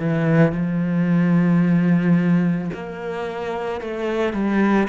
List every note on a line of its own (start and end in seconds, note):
0.00 0.53 E3
0.53 2.71 F3
2.74 3.81 A#3
3.81 4.33 A3
4.33 4.88 G3